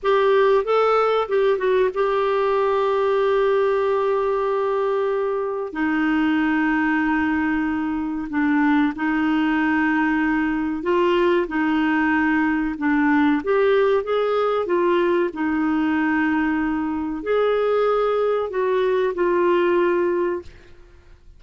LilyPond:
\new Staff \with { instrumentName = "clarinet" } { \time 4/4 \tempo 4 = 94 g'4 a'4 g'8 fis'8 g'4~ | g'1~ | g'4 dis'2.~ | dis'4 d'4 dis'2~ |
dis'4 f'4 dis'2 | d'4 g'4 gis'4 f'4 | dis'2. gis'4~ | gis'4 fis'4 f'2 | }